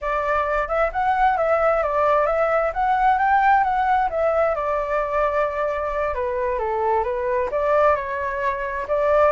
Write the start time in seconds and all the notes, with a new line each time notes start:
0.01 D5
0.68 E5
0.92 F#5
1.37 E5
1.83 D5
2.26 E5
2.73 F#5
3.18 G5
3.63 F#5
4.10 E5
4.55 D5
6.14 B4
6.58 A4
7.03 B4
7.51 D5
7.95 C#5
8.87 D5